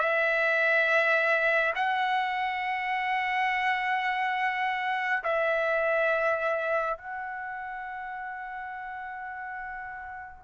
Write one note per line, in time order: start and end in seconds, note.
0.00 1.74 E5
1.76 5.24 F#5
5.24 6.98 E5
6.98 10.45 F#5